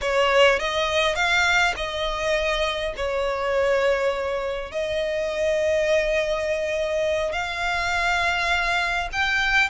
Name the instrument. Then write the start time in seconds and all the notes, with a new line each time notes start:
violin
0.01 C#5
0.59 D#5
1.15 F5
1.76 D#5
2.96 C#5
4.71 D#5
7.32 F5
9.12 G5